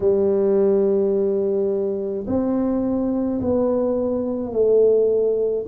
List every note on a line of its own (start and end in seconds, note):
0.00 2.26 G3
2.27 3.40 C4
3.41 4.52 B3
4.52 5.65 A3